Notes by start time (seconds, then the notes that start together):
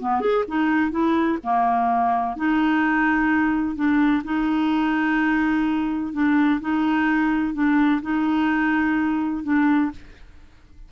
0.00 B3
0.21 G#4
0.48 D#4
0.91 E4
1.43 A#3
2.36 D#4
3.75 D4
4.24 D#4
6.13 D4
6.61 D#4
7.54 D4
8.02 D#4
9.44 D4